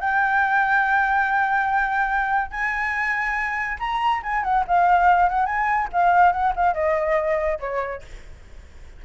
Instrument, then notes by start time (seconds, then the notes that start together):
flute
0.00 G5
2.51 G#5
3.80 A#5
4.23 G#5
4.43 F#5
4.67 F5
5.29 F#5
5.46 G#5
5.93 F5
6.32 F#5
6.56 F5
6.74 D#5
7.60 C#5